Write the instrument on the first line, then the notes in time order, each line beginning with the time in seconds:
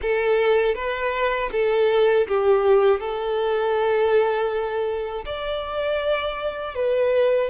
violin
0.01 A4
0.75 B4
1.52 A4
2.27 G4
3.00 A4
5.25 D5
6.75 B4